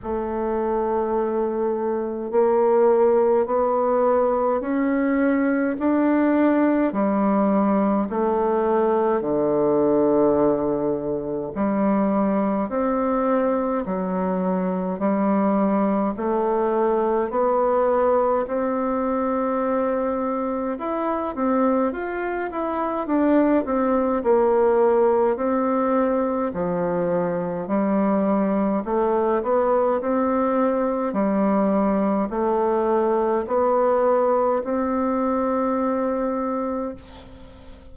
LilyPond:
\new Staff \with { instrumentName = "bassoon" } { \time 4/4 \tempo 4 = 52 a2 ais4 b4 | cis'4 d'4 g4 a4 | d2 g4 c'4 | fis4 g4 a4 b4 |
c'2 e'8 c'8 f'8 e'8 | d'8 c'8 ais4 c'4 f4 | g4 a8 b8 c'4 g4 | a4 b4 c'2 | }